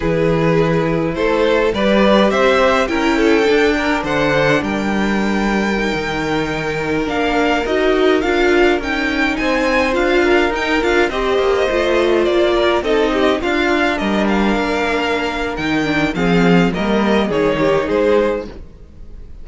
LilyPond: <<
  \new Staff \with { instrumentName = "violin" } { \time 4/4 \tempo 4 = 104 b'2 c''4 d''4 | e''4 g''2 fis''4 | g''1~ | g''16 f''4 dis''4 f''4 g''8.~ |
g''16 gis''4 f''4 g''8 f''8 dis''8.~ | dis''4~ dis''16 d''4 dis''4 f''8.~ | f''16 dis''8 f''2~ f''16 g''4 | f''4 dis''4 cis''4 c''4 | }
  \new Staff \with { instrumentName = "violin" } { \time 4/4 gis'2 a'4 b'4 | c''4 ais'8 a'4 ais'8 c''4 | ais'1~ | ais'1~ |
ais'16 c''4. ais'4. c''8.~ | c''4.~ c''16 ais'8 a'8 g'8 f'8.~ | f'16 ais'2.~ ais'8. | gis'4 ais'4 gis'8 g'8 gis'4 | }
  \new Staff \with { instrumentName = "viola" } { \time 4/4 e'2. g'4~ | g'4 e'4 d'2~ | d'2 dis'2~ | dis'16 d'4 fis'4 f'4 dis'8.~ |
dis'4~ dis'16 f'4 dis'8 f'8 g'8.~ | g'16 f'2 dis'4 d'8.~ | d'2. dis'8 d'8 | c'4 ais4 dis'2 | }
  \new Staff \with { instrumentName = "cello" } { \time 4/4 e2 a4 g4 | c'4 cis'4 d'4 d4 | g2~ g16 dis4.~ dis16~ | dis16 ais4 dis'4 d'4 cis'8.~ |
cis'16 c'4 d'4 dis'8 d'8 c'8 ais16~ | ais16 a4 ais4 c'4 d'8.~ | d'16 g4 ais4.~ ais16 dis4 | f4 g4 dis4 gis4 | }
>>